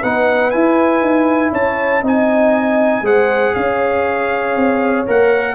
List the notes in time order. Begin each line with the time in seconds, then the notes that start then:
0.00 B3 D#4 B4 F#5
0.51 E4 G#5
1.02 D#4
1.52 C#4 C#5 A5
2.02 C4 D#4 D#5 G#5
3.02 G#3 G#4 C5 F#5
3.55 C#4 C#5 F5
4.56 C4
5.07 A#3 A#4 F#5